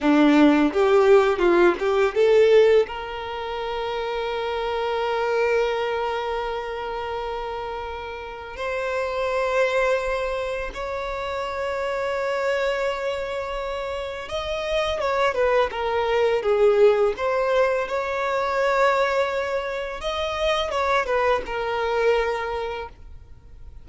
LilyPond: \new Staff \with { instrumentName = "violin" } { \time 4/4 \tempo 4 = 84 d'4 g'4 f'8 g'8 a'4 | ais'1~ | ais'1 | c''2. cis''4~ |
cis''1 | dis''4 cis''8 b'8 ais'4 gis'4 | c''4 cis''2. | dis''4 cis''8 b'8 ais'2 | }